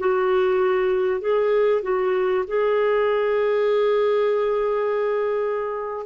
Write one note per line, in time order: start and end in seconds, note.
0.00 1.21 F#4
1.21 1.83 G#4
1.83 2.45 F#4
2.48 6.07 G#4